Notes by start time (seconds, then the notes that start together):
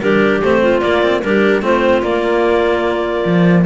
0.00 G3 D4 G4 A#4
0.42 A3 C4 C5
0.61 F4
0.80 A#3 D5
1.02 C4
1.21 G3 D4 G4 A#4
1.61 A3 C4 F4 C5
2.02 A#3 D5
3.25 F3